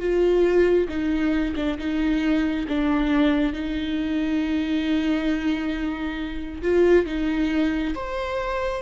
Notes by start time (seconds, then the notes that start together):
0.00 F4
0.89 D#4
1.56 D4
1.79 D#4
2.69 D4
3.53 D#4
6.63 F4
7.06 D#4
7.96 C5